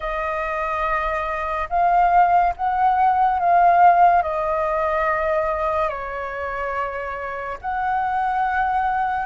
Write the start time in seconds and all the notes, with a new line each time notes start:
0.00 D#5
1.69 F5
2.56 F#5
3.39 F5
4.22 D#5
5.88 C#5
7.61 F#5